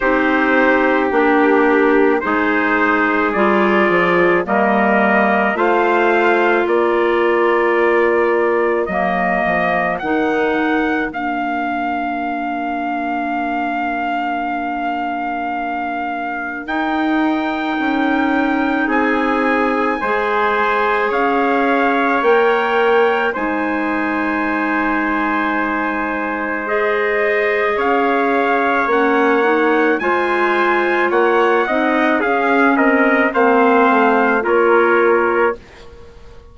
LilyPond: <<
  \new Staff \with { instrumentName = "trumpet" } { \time 4/4 \tempo 4 = 54 c''4 g'4 c''4 d''4 | dis''4 f''4 d''2 | dis''4 fis''4 f''2~ | f''2. g''4~ |
g''4 gis''2 f''4 | g''4 gis''2. | dis''4 f''4 fis''4 gis''4 | fis''4 f''8 dis''8 f''4 cis''4 | }
  \new Staff \with { instrumentName = "trumpet" } { \time 4/4 g'2 gis'2 | ais'4 c''4 ais'2~ | ais'1~ | ais'1~ |
ais'4 gis'4 c''4 cis''4~ | cis''4 c''2.~ | c''4 cis''2 c''4 | cis''8 dis''8 gis'8 ais'8 c''4 ais'4 | }
  \new Staff \with { instrumentName = "clarinet" } { \time 4/4 dis'4 d'4 dis'4 f'4 | ais4 f'2. | ais4 dis'4 d'2~ | d'2. dis'4~ |
dis'2 gis'2 | ais'4 dis'2. | gis'2 cis'8 dis'8 f'4~ | f'8 dis'8 cis'4 c'4 f'4 | }
  \new Staff \with { instrumentName = "bassoon" } { \time 4/4 c'4 ais4 gis4 g8 f8 | g4 a4 ais2 | fis8 f8 dis4 ais2~ | ais2. dis'4 |
cis'4 c'4 gis4 cis'4 | ais4 gis2.~ | gis4 cis'4 ais4 gis4 | ais8 c'8 cis'8 c'8 ais8 a8 ais4 | }
>>